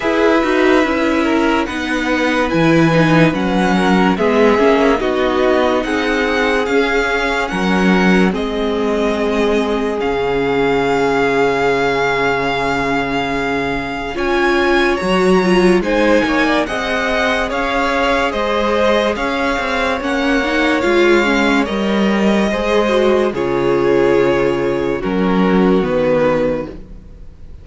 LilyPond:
<<
  \new Staff \with { instrumentName = "violin" } { \time 4/4 \tempo 4 = 72 e''2 fis''4 gis''4 | fis''4 e''4 dis''4 fis''4 | f''4 fis''4 dis''2 | f''1~ |
f''4 gis''4 ais''4 gis''4 | fis''4 f''4 dis''4 f''4 | fis''4 f''4 dis''2 | cis''2 ais'4 b'4 | }
  \new Staff \with { instrumentName = "violin" } { \time 4/4 b'4. ais'8 b'2~ | b'8 ais'8 gis'4 fis'4 gis'4~ | gis'4 ais'4 gis'2~ | gis'1~ |
gis'4 cis''2 c''8 cis''16 d''16 | dis''4 cis''4 c''4 cis''4~ | cis''2. c''4 | gis'2 fis'2 | }
  \new Staff \with { instrumentName = "viola" } { \time 4/4 gis'8 fis'8 e'4 dis'4 e'8 dis'8 | cis'4 b8 cis'8 dis'2 | cis'2 c'2 | cis'1~ |
cis'4 f'4 fis'8 f'8 dis'4 | gis'1 | cis'8 dis'8 f'8 cis'8 ais'4 gis'8 fis'8 | f'2 cis'4 b4 | }
  \new Staff \with { instrumentName = "cello" } { \time 4/4 e'8 dis'8 cis'4 b4 e4 | fis4 gis8 ais8 b4 c'4 | cis'4 fis4 gis2 | cis1~ |
cis4 cis'4 fis4 gis8 ais8 | c'4 cis'4 gis4 cis'8 c'8 | ais4 gis4 g4 gis4 | cis2 fis4 dis4 | }
>>